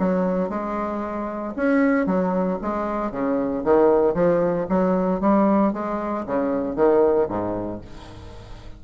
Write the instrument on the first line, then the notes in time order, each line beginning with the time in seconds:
bassoon
0.00 F#3
0.50 G#3
1.57 C#4
2.07 F#3
2.62 G#3
3.12 C#3
3.65 D#3
4.15 F3
4.69 F#3
5.21 G3
5.74 G#3
6.27 C#3
6.76 D#3
7.29 G#2